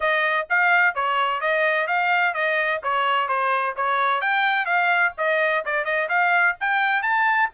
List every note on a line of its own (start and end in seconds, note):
0.00 0.47 D#5
0.49 0.95 F5
0.95 1.40 C#5
1.40 1.87 D#5
1.87 2.34 F5
2.34 2.80 D#5
2.83 3.28 C#5
3.28 3.75 C5
3.76 4.21 C#5
4.21 4.65 G5
4.65 5.12 F5
5.17 5.64 D#5
5.65 5.85 D5
5.85 6.08 D#5
6.09 6.55 F5
6.60 7.02 G5
7.02 7.49 A5